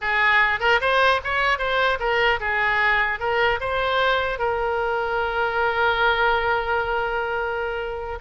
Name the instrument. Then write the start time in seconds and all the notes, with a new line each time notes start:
oboe
0.01 G#4
0.60 A#4
0.80 C5
1.23 C#5
1.58 C5
1.99 A#4
2.39 G#4
3.19 A#4
3.60 C5
4.39 A#4